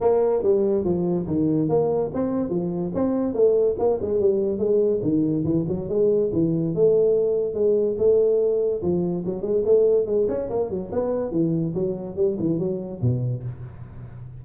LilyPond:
\new Staff \with { instrumentName = "tuba" } { \time 4/4 \tempo 4 = 143 ais4 g4 f4 dis4 | ais4 c'4 f4 c'4 | a4 ais8 gis8 g4 gis4 | dis4 e8 fis8 gis4 e4 |
a2 gis4 a4~ | a4 f4 fis8 gis8 a4 | gis8 cis'8 ais8 fis8 b4 e4 | fis4 g8 e8 fis4 b,4 | }